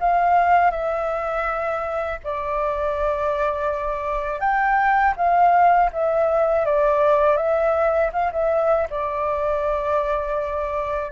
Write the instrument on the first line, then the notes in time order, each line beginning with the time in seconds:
flute
0.00 F5
0.71 E5
2.24 D5
4.40 G5
5.16 F5
5.92 E5
6.66 D5
7.37 E5
8.13 F5
8.32 E5
8.90 D5